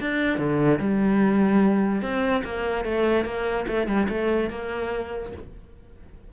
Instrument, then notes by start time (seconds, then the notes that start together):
cello
0.00 D4
0.38 D3
0.79 G3
2.02 C4
2.44 A#3
2.85 A3
3.25 A#3
3.67 A3
3.87 G3
4.09 A3
4.50 A#3